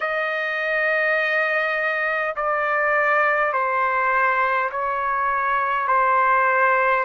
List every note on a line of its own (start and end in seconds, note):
0.00 2.35 D#5
2.36 3.52 D5
3.52 4.70 C5
4.71 5.87 C#5
5.87 7.04 C5